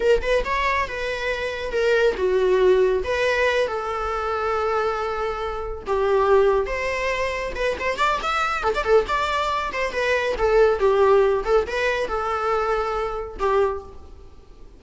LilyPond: \new Staff \with { instrumentName = "viola" } { \time 4/4 \tempo 4 = 139 ais'8 b'8 cis''4 b'2 | ais'4 fis'2 b'4~ | b'8 a'2.~ a'8~ | a'4. g'2 c''8~ |
c''4. b'8 c''8 d''8 e''4 | a'16 d''16 a'8 d''4. c''8 b'4 | a'4 g'4. a'8 b'4 | a'2. g'4 | }